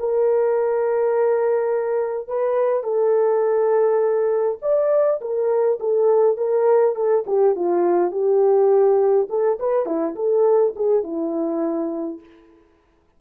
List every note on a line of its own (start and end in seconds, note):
0.00 2.28 A#4
2.28 2.84 B4
2.84 4.58 A4
4.62 5.21 D5
5.21 5.80 A#4
5.80 6.37 A4
6.37 6.96 A#4
6.96 7.25 A4
7.27 7.56 G4
7.56 8.12 F4
8.12 9.28 G4
9.30 9.59 A4
9.60 9.86 B4
9.86 10.15 E4
10.16 10.74 A4
10.76 11.04 G#4
11.04 12.20 E4